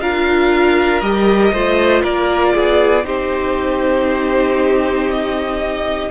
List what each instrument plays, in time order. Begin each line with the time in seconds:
0.00 cello D4, viola F4, violin A#4 F5
1.01 cello G3, viola G4, violin D#5
1.53 cello A3, viola F4, violin C5
2.03 cello A#3, violin A#4 D5
2.54 cello B3, violin G#4
3.04 cello C4, viola D#4, violin G4 C5
5.11 violin D#5